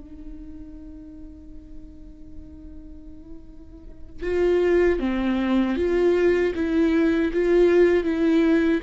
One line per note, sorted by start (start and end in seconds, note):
0.00 4.22 D#4
4.22 4.99 F4
4.99 5.76 C4
5.76 6.53 F4
6.55 7.31 E4
7.33 8.03 F4
8.03 8.80 E4